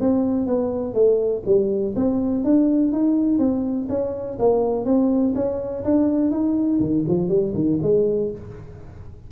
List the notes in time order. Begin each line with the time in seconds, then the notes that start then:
0.00 C4
0.47 B3
0.94 A3
1.46 G3
1.96 C4
2.44 D4
2.92 D#4
3.38 C4
3.89 C#4
4.39 A#3
4.85 C4
5.35 C#4
5.84 D4
6.31 D#4
6.80 D#3
7.08 F3
7.29 G3
7.54 D#3
7.82 G#3